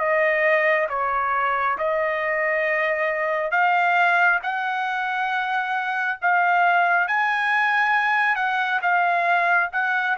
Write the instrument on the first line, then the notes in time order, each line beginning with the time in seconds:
trumpet
0.00 D#5
0.90 C#5
1.78 D#5
3.52 F5
4.44 F#5
6.22 F5
7.08 G#5
8.36 F#5
8.82 F5
9.73 F#5